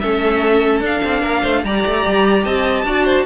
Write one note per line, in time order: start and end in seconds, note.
0.00 0.80 A3
0.00 0.83 C#4
0.00 1.21 A4
0.00 0.81 E5
0.80 1.00 D4
0.80 1.66 D4
0.80 1.65 F5
1.04 1.22 C4
1.21 1.43 A#3
1.21 1.42 A#4
1.42 1.64 A3
1.42 1.62 C5
1.64 1.84 G3
1.64 2.86 G4
1.64 2.44 D5
1.64 2.45 A#5
1.85 2.06 A3
2.06 2.45 G3
2.44 2.84 C4
2.44 2.85 D#5
2.44 3.26 A5
2.84 3.25 D4
2.84 3.26 F#4
2.84 3.05 D5
3.05 3.25 C5